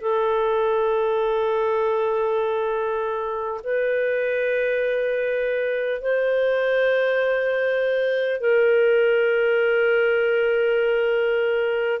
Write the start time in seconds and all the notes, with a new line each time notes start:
0.00 A4
3.63 B4
6.01 C5
8.40 A#4